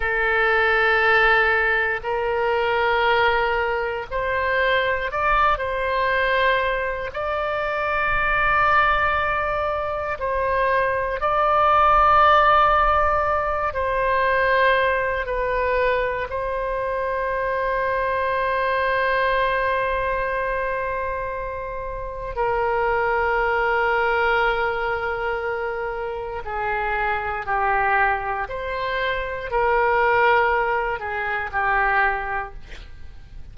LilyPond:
\new Staff \with { instrumentName = "oboe" } { \time 4/4 \tempo 4 = 59 a'2 ais'2 | c''4 d''8 c''4. d''4~ | d''2 c''4 d''4~ | d''4. c''4. b'4 |
c''1~ | c''2 ais'2~ | ais'2 gis'4 g'4 | c''4 ais'4. gis'8 g'4 | }